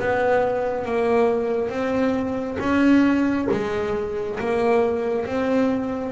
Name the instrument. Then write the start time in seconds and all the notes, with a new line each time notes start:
double bass
0.00 B3
0.86 A#3
1.70 C4
2.60 C#4
3.52 G#3
4.40 A#3
5.27 C4